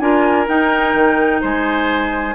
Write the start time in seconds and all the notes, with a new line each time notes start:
0.00 D4 F4 A#4 G#5
0.47 D#4 G5
0.95 D#3
1.42 G#3 C5 G#5